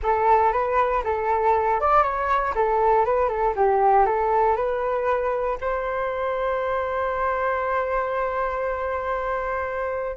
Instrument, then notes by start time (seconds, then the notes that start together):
flute
0.02 A4
0.52 B4
1.04 A4
1.80 D5
2.03 C#5
2.55 A4
3.05 B4
3.28 A4
3.55 G4
4.05 A4
4.55 B4
5.60 C5